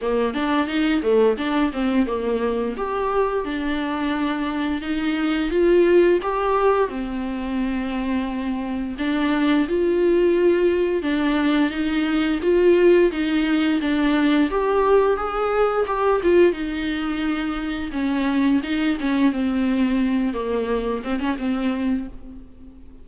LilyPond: \new Staff \with { instrumentName = "viola" } { \time 4/4 \tempo 4 = 87 ais8 d'8 dis'8 a8 d'8 c'8 ais4 | g'4 d'2 dis'4 | f'4 g'4 c'2~ | c'4 d'4 f'2 |
d'4 dis'4 f'4 dis'4 | d'4 g'4 gis'4 g'8 f'8 | dis'2 cis'4 dis'8 cis'8 | c'4. ais4 c'16 cis'16 c'4 | }